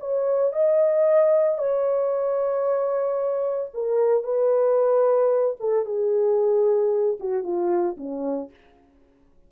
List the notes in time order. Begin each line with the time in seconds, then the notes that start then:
0.00 C#5
0.53 D#5
1.58 C#5
3.74 A#4
4.24 B4
5.60 A4
5.86 G#4
7.20 F#4
7.44 F4
7.97 C#4